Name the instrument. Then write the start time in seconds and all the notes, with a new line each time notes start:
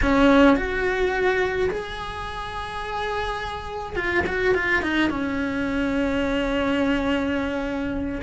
cello
0.02 C#4
0.56 F#4
1.70 G#4
3.95 F4
4.27 F#4
4.54 F4
4.82 D#4
5.09 C#4